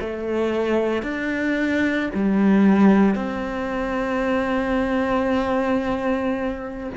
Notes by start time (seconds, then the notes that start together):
0.00 A3
1.02 D4
2.14 G3
3.15 C4